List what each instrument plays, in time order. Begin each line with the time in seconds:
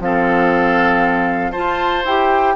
0.00 bassoon F3, clarinet C4, oboe A4, flute F5
1.52 clarinet F4, bassoon F4, oboe C5, flute A5
2.06 bassoon E4, clarinet G4, flute G5